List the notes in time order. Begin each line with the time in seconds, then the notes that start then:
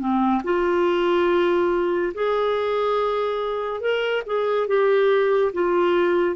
0.00 C4
0.44 F4
2.15 G#4
3.81 A#4
4.27 G#4
4.68 G4
5.53 F4